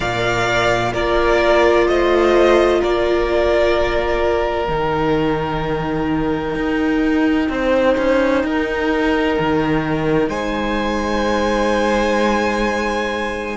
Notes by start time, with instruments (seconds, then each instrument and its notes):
0.00 cello A#2, viola A#4, violin D5 F5
0.92 cello A#3, viola F4, violin A#4 D5
1.87 cello A3, violin C5 D#5
2.80 cello A#3, violin A#4 D5
4.68 cello D#3, viola D#4, violin G5
6.55 cello D#4
7.49 cello C4, violin C5
7.97 cello C#4
8.43 cello D#4, violin A#4
9.39 cello D#3
10.28 cello G#3, violin C5 G#5